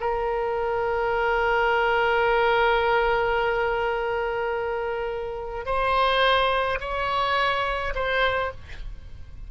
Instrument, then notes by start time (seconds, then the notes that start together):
oboe
0.00 A#4
5.65 C5
6.80 C#5
7.95 C5